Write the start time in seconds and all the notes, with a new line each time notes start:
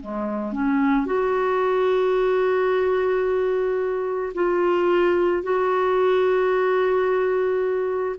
0.00 G#3
0.52 C#4
1.06 F#4
4.34 F4
5.43 F#4